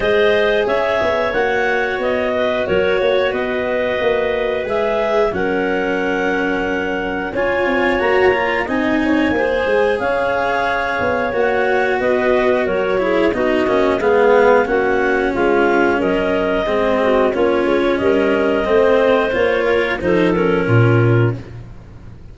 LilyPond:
<<
  \new Staff \with { instrumentName = "clarinet" } { \time 4/4 \tempo 4 = 90 dis''4 e''4 fis''4 dis''4 | cis''4 dis''2 e''4 | fis''2. gis''4 | ais''4 gis''2 f''4~ |
f''4 fis''4 dis''4 cis''4 | dis''4 f''4 fis''4 f''4 | dis''2 cis''4 dis''4~ | dis''4 cis''4 c''8 ais'4. | }
  \new Staff \with { instrumentName = "clarinet" } { \time 4/4 c''4 cis''2~ cis''8 b'8 | ais'8 cis''8 b'2. | ais'2. cis''4~ | cis''4 dis''8 cis''8 c''4 cis''4~ |
cis''2 b'4 ais'8 gis'8 | fis'4 gis'4 fis'4 f'4 | ais'4 gis'8 fis'8 f'4 ais'4 | c''4. ais'8 a'4 f'4 | }
  \new Staff \with { instrumentName = "cello" } { \time 4/4 gis'2 fis'2~ | fis'2. gis'4 | cis'2. f'4 | fis'8 f'8 dis'4 gis'2~ |
gis'4 fis'2~ fis'8 e'8 | dis'8 cis'8 b4 cis'2~ | cis'4 c'4 cis'2 | c'4 f'4 dis'8 cis'4. | }
  \new Staff \with { instrumentName = "tuba" } { \time 4/4 gis4 cis'8 b8 ais4 b4 | fis8 ais8 b4 ais4 gis4 | fis2. cis'8 c'8 | ais4 c'4 ais8 gis8 cis'4~ |
cis'8 b8 ais4 b4 fis4 | b8 ais8 gis4 ais4 gis4 | fis4 gis4 ais8 gis8 g4 | a4 ais4 f4 ais,4 | }
>>